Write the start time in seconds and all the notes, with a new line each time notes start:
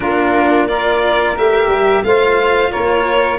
0.00 A#3 D4 F4 A#4
0.67 F4 A#4 D5
1.36 A3 G4 E5
1.67 G3
2.03 A3 F4 C5 F5
2.71 A#3 A#4 C#5